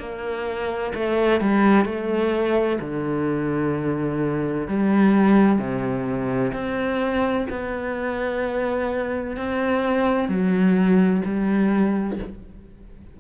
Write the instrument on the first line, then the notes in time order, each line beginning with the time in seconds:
cello
0.00 A#3
0.95 A3
1.41 G3
1.86 A3
2.81 D3
4.68 G3
5.59 C3
6.54 C4
7.50 B3
9.37 C4
10.29 F#3
11.25 G3